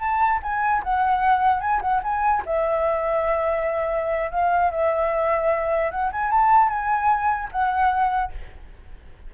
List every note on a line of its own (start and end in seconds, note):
0.00 0.40 A5
0.43 0.83 G#5
0.83 1.61 F#5
1.61 1.81 G#5
1.81 2.01 F#5
2.03 2.43 G#5
2.46 4.31 E5
4.31 4.71 F5
4.71 5.91 E5
5.91 6.11 F#5
6.12 6.31 G#5
6.31 6.69 A5
6.69 7.49 G#5
7.52 8.32 F#5